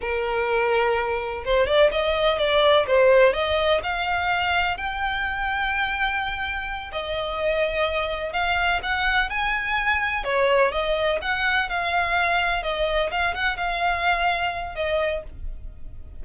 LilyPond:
\new Staff \with { instrumentName = "violin" } { \time 4/4 \tempo 4 = 126 ais'2. c''8 d''8 | dis''4 d''4 c''4 dis''4 | f''2 g''2~ | g''2~ g''8 dis''4.~ |
dis''4. f''4 fis''4 gis''8~ | gis''4. cis''4 dis''4 fis''8~ | fis''8 f''2 dis''4 f''8 | fis''8 f''2~ f''8 dis''4 | }